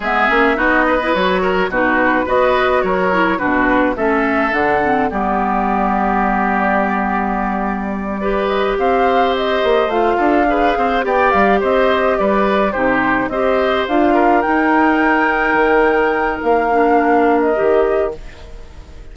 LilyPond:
<<
  \new Staff \with { instrumentName = "flute" } { \time 4/4 \tempo 4 = 106 e''4 dis''4 cis''4 b'4 | dis''4 cis''4 b'4 e''4 | fis''4 d''2.~ | d''2. dis''8 f''8~ |
f''8 dis''4 f''2 g''8 | f''8 dis''4 d''4 c''4 dis''8~ | dis''8 f''4 g''2~ g''8~ | g''4 f''4.~ f''16 dis''4~ dis''16 | }
  \new Staff \with { instrumentName = "oboe" } { \time 4/4 gis'4 fis'8 b'4 ais'8 fis'4 | b'4 ais'4 fis'4 a'4~ | a'4 g'2.~ | g'2~ g'8 b'4 c''8~ |
c''2 a'8 b'8 c''8 d''8~ | d''8 c''4 b'4 g'4 c''8~ | c''4 ais'2.~ | ais'1 | }
  \new Staff \with { instrumentName = "clarinet" } { \time 4/4 b8 cis'8 dis'8. e'16 fis'4 dis'4 | fis'4. e'8 d'4 cis'4 | d'8 c'8 b2.~ | b2~ b8 g'4.~ |
g'4. f'4 gis'4 g'8~ | g'2~ g'8 dis'4 g'8~ | g'8 f'4 dis'2~ dis'8~ | dis'4. d'4. g'4 | }
  \new Staff \with { instrumentName = "bassoon" } { \time 4/4 gis8 ais8 b4 fis4 b,4 | b4 fis4 b,4 a4 | d4 g2.~ | g2.~ g8 c'8~ |
c'4 ais8 a8 d'4 c'8 b8 | g8 c'4 g4 c4 c'8~ | c'8 d'4 dis'2 dis8~ | dis4 ais2 dis4 | }
>>